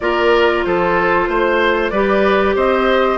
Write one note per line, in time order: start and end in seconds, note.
0.00 0.64 A#3
0.00 1.92 F4
0.00 0.65 A#4
0.00 0.63 D5
0.63 1.28 F3
0.63 1.29 A4
0.63 1.90 C5
1.28 1.91 A3
1.28 1.91 C5
1.90 2.55 G3
1.90 3.17 G4
1.90 2.55 B4
1.90 2.53 D5
2.55 3.17 C4
2.55 3.17 C5
2.55 3.17 D#5